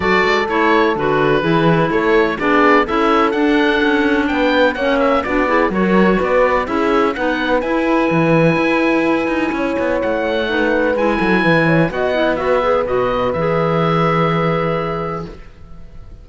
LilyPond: <<
  \new Staff \with { instrumentName = "oboe" } { \time 4/4 \tempo 4 = 126 d''4 cis''4 b'2 | cis''4 d''4 e''4 fis''4~ | fis''4 g''4 fis''8 e''8 d''4 | cis''4 d''4 e''4 fis''4 |
gis''1~ | gis''4 fis''2 gis''4~ | gis''4 fis''4 e''4 dis''4 | e''1 | }
  \new Staff \with { instrumentName = "horn" } { \time 4/4 a'2. gis'4 | a'4 gis'4 a'2~ | a'4 b'4 cis''4 fis'8 gis'8 | ais'4 b'4 gis'4 b'4~ |
b'1 | cis''2 b'4. a'8 | b'8 cis''8 dis''4 b'2~ | b'1 | }
  \new Staff \with { instrumentName = "clarinet" } { \time 4/4 fis'4 e'4 fis'4 e'4~ | e'4 d'4 e'4 d'4~ | d'2 cis'4 d'8 e'8 | fis'2 e'4 dis'4 |
e'1~ | e'2 dis'4 e'4~ | e'4 fis'8 e'8 fis'8 gis'8 fis'4 | gis'1 | }
  \new Staff \with { instrumentName = "cello" } { \time 4/4 fis8 gis8 a4 d4 e4 | a4 b4 cis'4 d'4 | cis'4 b4 ais4 b4 | fis4 b4 cis'4 b4 |
e'4 e4 e'4. dis'8 | cis'8 b8 a2 gis8 fis8 | e4 b2 b,4 | e1 | }
>>